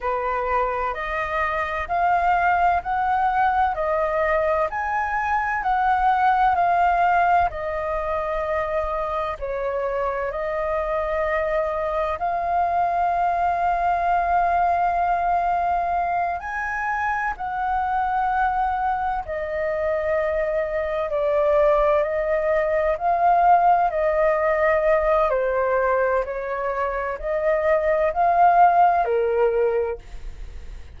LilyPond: \new Staff \with { instrumentName = "flute" } { \time 4/4 \tempo 4 = 64 b'4 dis''4 f''4 fis''4 | dis''4 gis''4 fis''4 f''4 | dis''2 cis''4 dis''4~ | dis''4 f''2.~ |
f''4. gis''4 fis''4.~ | fis''8 dis''2 d''4 dis''8~ | dis''8 f''4 dis''4. c''4 | cis''4 dis''4 f''4 ais'4 | }